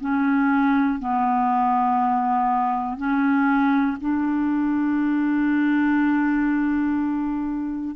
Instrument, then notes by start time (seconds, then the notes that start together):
clarinet
0.00 C#4
0.99 B3
2.97 C#4
4.00 D4